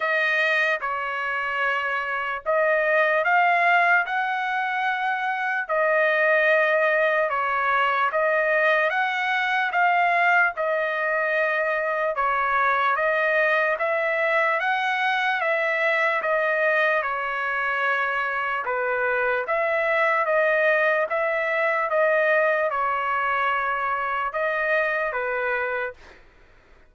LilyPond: \new Staff \with { instrumentName = "trumpet" } { \time 4/4 \tempo 4 = 74 dis''4 cis''2 dis''4 | f''4 fis''2 dis''4~ | dis''4 cis''4 dis''4 fis''4 | f''4 dis''2 cis''4 |
dis''4 e''4 fis''4 e''4 | dis''4 cis''2 b'4 | e''4 dis''4 e''4 dis''4 | cis''2 dis''4 b'4 | }